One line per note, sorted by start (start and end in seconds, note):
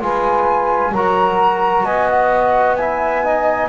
0.00 0.92 G#3
0.00 0.92 F4
0.00 0.92 B4
0.00 0.94 G#5
0.92 1.84 F#3
0.92 2.79 F#4
0.92 1.84 A#4
0.92 1.86 A#5
1.84 3.68 B3
1.84 2.77 D#5
1.84 2.09 G#5
2.10 2.76 F#5
2.76 3.24 E4
2.76 3.25 E5
2.76 3.69 G#5
3.24 3.69 D#4
3.24 3.69 D#5